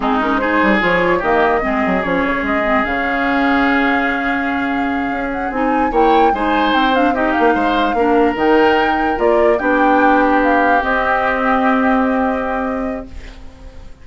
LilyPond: <<
  \new Staff \with { instrumentName = "flute" } { \time 4/4 \tempo 4 = 147 gis'8 ais'8 c''4 cis''4 dis''4~ | dis''4 cis''4 dis''4 f''4~ | f''1~ | f''4 fis''8 gis''4 g''4 gis''8~ |
gis''8 g''8 f''8 dis''8 f''2~ | f''8 g''2 d''4 g''8~ | g''4. f''4 dis''4.~ | dis''1 | }
  \new Staff \with { instrumentName = "oboe" } { \time 4/4 dis'4 gis'2 g'4 | gis'1~ | gis'1~ | gis'2~ gis'8 cis''4 c''8~ |
c''4. g'4 c''4 ais'8~ | ais'2.~ ais'8 g'8~ | g'1~ | g'1 | }
  \new Staff \with { instrumentName = "clarinet" } { \time 4/4 c'8 cis'8 dis'4 f'4 ais4 | c'4 cis'4. c'8 cis'4~ | cis'1~ | cis'4. dis'4 e'4 dis'8~ |
dis'4 d'8 dis'2 d'8~ | d'8 dis'2 f'4 d'8~ | d'2~ d'8 c'4.~ | c'1 | }
  \new Staff \with { instrumentName = "bassoon" } { \time 4/4 gis4. g8 f4 dis4 | gis8 fis8 f8 cis8 gis4 cis4~ | cis1~ | cis8 cis'4 c'4 ais4 gis8~ |
gis8 c'4. ais8 gis4 ais8~ | ais8 dis2 ais4 b8~ | b2~ b8 c'4.~ | c'1 | }
>>